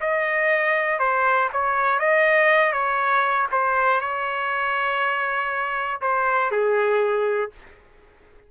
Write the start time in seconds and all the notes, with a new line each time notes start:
0.00 D#5
0.99 C5
1.52 C#5
1.99 D#5
2.72 C#5
3.51 C5
4.00 C#5
6.01 C5
6.51 G#4